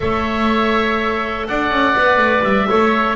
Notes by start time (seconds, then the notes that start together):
0.00 A3 A4 C#5 E5
1.47 D4 D5 F#5
1.70 C#4
1.95 B3 B4
2.17 A3
2.43 G3 E5
2.66 A3 A4 C#5